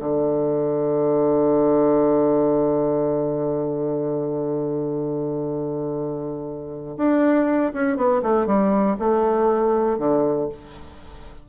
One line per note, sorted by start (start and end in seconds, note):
0.00 6.97 D3
6.97 7.72 D4
7.74 7.97 C#4
7.97 8.22 B3
8.22 8.47 A3
8.47 8.97 G3
9.00 9.99 A3
9.99 10.49 D3